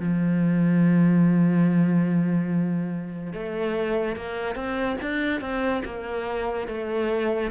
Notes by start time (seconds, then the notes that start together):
0.00 F3
3.34 A3
4.16 A#3
4.56 C4
5.02 D4
5.41 C4
5.85 A#3
6.68 A3